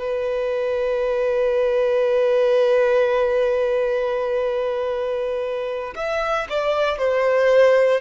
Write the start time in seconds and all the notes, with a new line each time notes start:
0.00 B4
5.96 E5
6.50 D5
6.99 C5